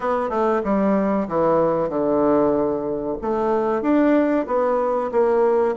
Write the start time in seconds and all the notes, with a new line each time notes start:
0.00 B3
0.29 A3
0.64 G3
1.28 E3
1.89 D3
3.21 A3
3.82 D4
4.47 B3
5.11 A#3